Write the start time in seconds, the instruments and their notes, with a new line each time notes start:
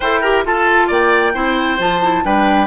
0.00 bassoon E4, clarinet A4, oboe C5, flute G5
0.21 clarinet G4, oboe A#4
0.44 clarinet F4, bassoon F4, oboe A4, flute A5
0.87 bassoon A#3, oboe D5, flute G5
1.34 bassoon C4, clarinet E4, oboe C5
1.78 bassoon F3, clarinet F4, flute A5
2.02 clarinet E4
2.24 bassoon G3, clarinet D4, oboe B4, flute G5